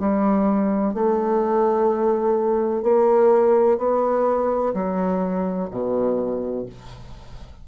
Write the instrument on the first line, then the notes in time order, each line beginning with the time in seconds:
bassoon
0.00 G3
0.94 A3
2.83 A#3
3.78 B3
4.74 F#3
5.71 B2